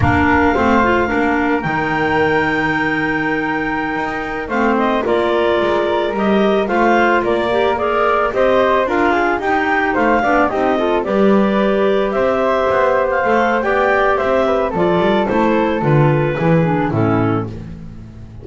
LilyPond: <<
  \new Staff \with { instrumentName = "clarinet" } { \time 4/4 \tempo 4 = 110 f''2. g''4~ | g''1~ | g''16 f''8 dis''8 d''2 dis''8.~ | dis''16 f''4 d''4 ais'4 dis''8.~ |
dis''16 f''4 g''4 f''4 dis''8.~ | dis''16 d''2 e''4.~ e''16 | f''4 g''4 e''4 d''4 | c''4 b'2 a'4 | }
  \new Staff \with { instrumentName = "flute" } { \time 4/4 ais'4 c''4 ais'2~ | ais'1~ | ais'16 c''4 ais'2~ ais'8.~ | ais'16 c''4 ais'4 d''4 c''8.~ |
c''16 ais'8 gis'8 g'4 c''8 d''8 g'8 a'16~ | a'16 b'2 c''4.~ c''16~ | c''4 d''4 c''8 b'8 a'4~ | a'2 gis'4 e'4 | }
  \new Staff \with { instrumentName = "clarinet" } { \time 4/4 d'4 c'8 f'8 d'4 dis'4~ | dis'1~ | dis'16 c'4 f'2 g'8.~ | g'16 f'4. g'8 gis'4 g'8.~ |
g'16 f'4 dis'4. d'8 dis'8 f'16~ | f'16 g'2.~ g'8.~ | g'16 a'8. g'2 f'4 | e'4 f'4 e'8 d'8 cis'4 | }
  \new Staff \with { instrumentName = "double bass" } { \time 4/4 ais4 a4 ais4 dis4~ | dis2.~ dis16 dis'8.~ | dis'16 a4 ais4 gis4 g8.~ | g16 a4 ais2 c'8.~ |
c'16 d'4 dis'4 a8 b8 c'8.~ | c'16 g2 c'4 b8.~ | b16 a8. b4 c'4 f8 g8 | a4 d4 e4 a,4 | }
>>